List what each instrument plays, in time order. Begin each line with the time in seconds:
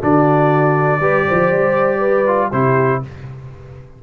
0.00 tuba D3, trombone D4, horn F#4, trumpet D5
1.00 tuba G3, trombone G4, horn B4
1.27 tuba F3, horn C5
1.52 tuba G3
1.99 horn B4
2.26 trombone F4
2.52 tuba C3, trombone E4, horn G4, trumpet C5